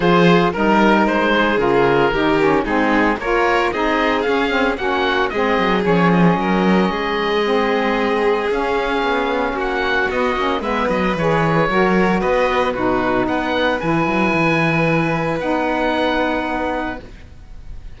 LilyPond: <<
  \new Staff \with { instrumentName = "oboe" } { \time 4/4 \tempo 4 = 113 c''4 ais'4 c''4 ais'4~ | ais'4 gis'4 cis''4 dis''4 | f''4 fis''4 dis''4 cis''8 dis''8~ | dis''1 |
f''2 fis''4 dis''4 | e''8 dis''8 cis''2 dis''4 | b'4 fis''4 gis''2~ | gis''4 fis''2. | }
  \new Staff \with { instrumentName = "violin" } { \time 4/4 gis'4 ais'4. gis'4. | g'4 dis'4 ais'4 gis'4~ | gis'4 fis'4 gis'2 | ais'4 gis'2.~ |
gis'2 fis'2 | b'2 ais'4 b'4 | fis'4 b'2.~ | b'1 | }
  \new Staff \with { instrumentName = "saxophone" } { \time 4/4 f'4 dis'2 f'4 | dis'8 cis'8 c'4 f'4 dis'4 | cis'8 c'8 cis'4 c'4 cis'4~ | cis'2 c'2 |
cis'2. b8 cis'8 | b4 gis'4 fis'2 | dis'2 e'2~ | e'4 dis'2. | }
  \new Staff \with { instrumentName = "cello" } { \time 4/4 f4 g4 gis4 cis4 | dis4 gis4 ais4 c'4 | cis'4 ais4 gis8 fis8 f4 | fis4 gis2. |
cis'4 b4 ais4 b8 ais8 | gis8 fis8 e4 fis4 b4 | b,4 b4 e8 fis8 e4~ | e4 b2. | }
>>